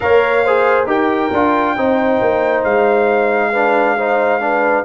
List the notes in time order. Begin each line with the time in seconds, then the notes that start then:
0.00 A#3 A#4 C#5 F5
0.44 G#4 C5
0.86 D#4 G4 A#4 G5
1.32 D4 F4
1.75 C4 D#4 C5
2.21 A#3
2.64 G#3 F5
3.51 D4 B4
3.97 D#4 C5
4.40 D4 B4